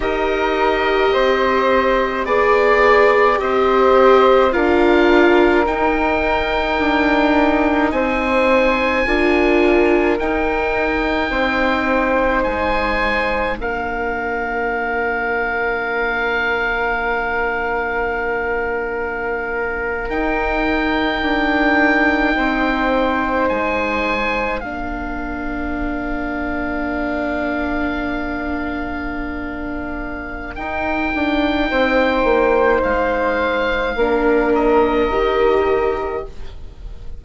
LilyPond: <<
  \new Staff \with { instrumentName = "oboe" } { \time 4/4 \tempo 4 = 53 dis''2 d''4 dis''4 | f''4 g''2 gis''4~ | gis''4 g''2 gis''4 | f''1~ |
f''4.~ f''16 g''2~ g''16~ | g''8. gis''4 f''2~ f''16~ | f''2. g''4~ | g''4 f''4. dis''4. | }
  \new Staff \with { instrumentName = "flute" } { \time 4/4 ais'4 c''4 d''4 c''4 | ais'2. c''4 | ais'2 c''2 | ais'1~ |
ais'2.~ ais'8. c''16~ | c''4.~ c''16 ais'2~ ais'16~ | ais'1 | c''2 ais'2 | }
  \new Staff \with { instrumentName = "viola" } { \time 4/4 g'2 gis'4 g'4 | f'4 dis'2. | f'4 dis'2. | d'1~ |
d'4.~ d'16 dis'2~ dis'16~ | dis'4.~ dis'16 d'2~ d'16~ | d'2. dis'4~ | dis'2 d'4 g'4 | }
  \new Staff \with { instrumentName = "bassoon" } { \time 4/4 dis'4 c'4 b4 c'4 | d'4 dis'4 d'4 c'4 | d'4 dis'4 c'4 gis4 | ais1~ |
ais4.~ ais16 dis'4 d'4 c'16~ | c'8. gis4 ais2~ ais16~ | ais2. dis'8 d'8 | c'8 ais8 gis4 ais4 dis4 | }
>>